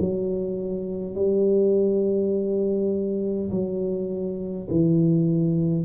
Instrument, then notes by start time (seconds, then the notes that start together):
tuba
0.00 F#3
1.15 G3
3.50 F#3
4.70 E3